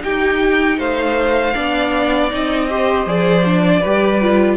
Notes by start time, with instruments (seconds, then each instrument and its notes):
0.00 viola D#4, cello D#4, violin G4 G5
0.78 cello A3, violin C5 F5
1.54 cello B3, viola D4, violin D5
2.30 cello C4, viola D#4, violin D#5
2.69 viola G4, violin C5
3.06 cello F3, viola G#4, violin D5
3.44 viola D4
3.80 cello G3, viola G4, violin B4
4.21 viola F4